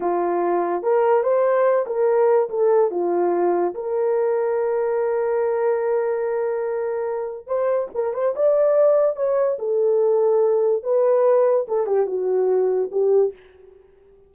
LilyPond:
\new Staff \with { instrumentName = "horn" } { \time 4/4 \tempo 4 = 144 f'2 ais'4 c''4~ | c''8 ais'4. a'4 f'4~ | f'4 ais'2.~ | ais'1~ |
ais'2 c''4 ais'8 c''8 | d''2 cis''4 a'4~ | a'2 b'2 | a'8 g'8 fis'2 g'4 | }